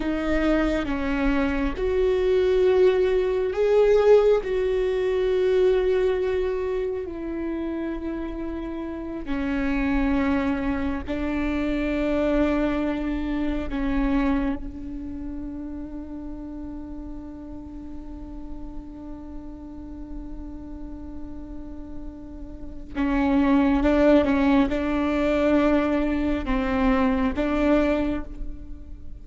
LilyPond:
\new Staff \with { instrumentName = "viola" } { \time 4/4 \tempo 4 = 68 dis'4 cis'4 fis'2 | gis'4 fis'2. | e'2~ e'8 cis'4.~ | cis'8 d'2. cis'8~ |
cis'8 d'2.~ d'8~ | d'1~ | d'2 cis'4 d'8 cis'8 | d'2 c'4 d'4 | }